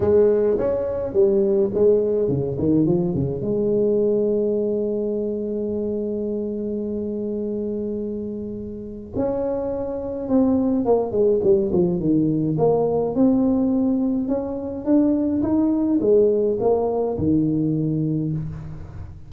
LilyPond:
\new Staff \with { instrumentName = "tuba" } { \time 4/4 \tempo 4 = 105 gis4 cis'4 g4 gis4 | cis8 dis8 f8 cis8 gis2~ | gis1~ | gis1 |
cis'2 c'4 ais8 gis8 | g8 f8 dis4 ais4 c'4~ | c'4 cis'4 d'4 dis'4 | gis4 ais4 dis2 | }